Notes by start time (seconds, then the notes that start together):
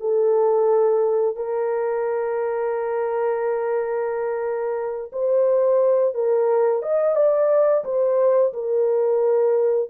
0.00 A4
1.36 A#4
5.13 C5
6.15 A#4
6.82 D#5
7.16 D5
7.85 C5
8.54 A#4